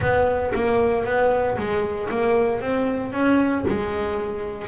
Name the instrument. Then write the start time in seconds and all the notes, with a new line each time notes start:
double bass
0.00 B3
0.54 A#3
1.04 B3
1.57 G#3
2.10 A#3
2.60 C4
3.12 C#4
3.67 G#3